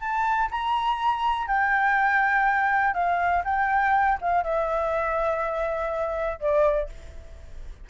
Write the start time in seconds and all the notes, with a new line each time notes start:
0.00 A5
0.51 A#5
1.47 G5
2.94 F5
3.45 G5
4.21 F5
4.44 E5
6.40 D5